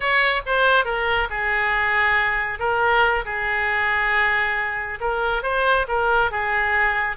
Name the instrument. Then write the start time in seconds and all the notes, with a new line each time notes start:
oboe
0.00 C#5
0.46 C5
0.84 A#4
1.29 G#4
2.59 A#4
3.25 G#4
5.00 A#4
5.42 C5
5.87 A#4
6.31 G#4